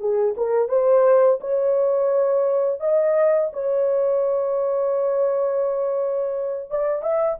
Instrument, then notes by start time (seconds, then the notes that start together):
horn
0.00 G#4
0.37 A#4
0.69 C5
1.41 C#5
2.80 D#5
3.53 C#5
6.70 D5
7.02 E5